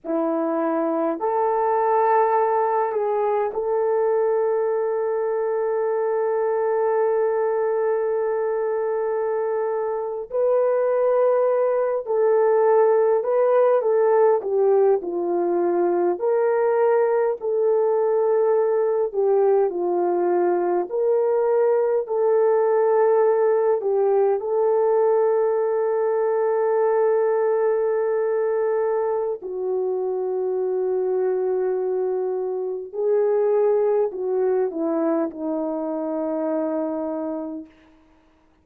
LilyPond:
\new Staff \with { instrumentName = "horn" } { \time 4/4 \tempo 4 = 51 e'4 a'4. gis'8 a'4~ | a'1~ | a'8. b'4. a'4 b'8 a'16~ | a'16 g'8 f'4 ais'4 a'4~ a'16~ |
a'16 g'8 f'4 ais'4 a'4~ a'16~ | a'16 g'8 a'2.~ a'16~ | a'4 fis'2. | gis'4 fis'8 e'8 dis'2 | }